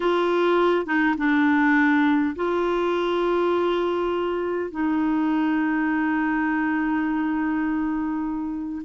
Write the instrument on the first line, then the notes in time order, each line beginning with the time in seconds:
clarinet
0.00 F4
0.86 D#4
1.17 D4
2.35 F4
4.70 D#4